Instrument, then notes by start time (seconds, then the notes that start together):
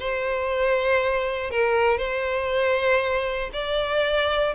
violin
0.00 C5
1.51 A#4
1.98 C5
3.53 D5